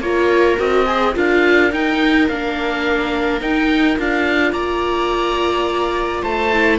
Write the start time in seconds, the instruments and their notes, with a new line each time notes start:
0.00 cello A#3, viola F4 A#4, oboe C#5
0.58 cello C4, viola F#4, oboe D#5
0.87 viola G#4
1.15 cello D4, viola F4 A#4, oboe F5
1.73 cello D#4, viola D#4, oboe G5
2.29 cello A#3, viola D4, oboe F5
3.41 viola D#4, cello D#4, oboe G5
3.98 cello D4, viola F4, oboe F5
4.53 cello A#3, viola D5, oboe A#5
6.23 cello A3, viola C5, oboe A5
6.53 viola E4